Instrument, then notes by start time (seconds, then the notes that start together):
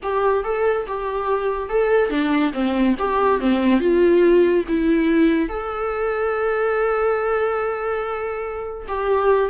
viola
0.02 G4
0.44 A4
0.87 G4
1.69 A4
2.10 D4
2.53 C4
2.98 G4
3.40 C4
3.80 F4
4.68 E4
5.49 A4
8.88 G4